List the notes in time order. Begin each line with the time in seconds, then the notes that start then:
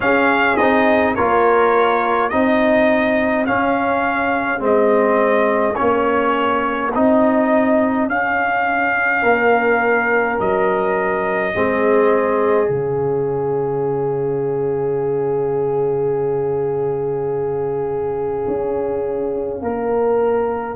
0.00 C#4 G#4 F5
0.56 C4 D#4 D#5
1.15 A#3 F4 A#4 C#5
2.29 C4 D#4 G#4 D#5
3.46 C#4 F5
4.58 G#3 C4 D#5
5.75 A#3 C#4 C#5
6.94 C4 D#4 D#5
8.07 C#4 F5
9.22 A#3 A#4
10.39 F#3 D#5
11.54 G#3 C4 G#4
12.66 C#3 C#4 F5
18.47 C#4
19.61 A#3 A#4